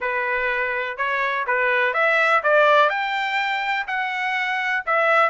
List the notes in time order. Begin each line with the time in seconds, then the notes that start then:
0.00 B4
0.97 C#5
1.46 B4
1.93 E5
2.43 D5
2.89 G5
3.87 F#5
4.85 E5